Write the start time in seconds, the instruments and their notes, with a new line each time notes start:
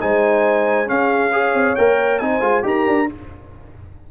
0.00 tuba G#3, trombone D#4, horn C5, trumpet G#5
0.86 trombone C#4, tuba C#4, horn G#4, trumpet F5
1.33 trombone G#4, horn C#5
1.54 tuba C4
1.76 tuba A#3, trombone A#4, trumpet G5
2.19 tuba C4, trombone D#4, horn C5, trumpet G#5
2.41 tuba G#3, trombone F4
2.63 tuba D#4, trombone G4, horn A#4, trumpet A#5
2.87 tuba D4